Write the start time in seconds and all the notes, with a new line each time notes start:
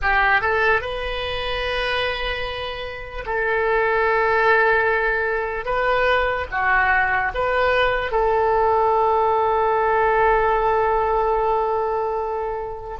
0.02 G4
0.41 A4
0.81 B4
3.25 A4
5.65 B4
6.51 F#4
7.34 B4
8.11 A4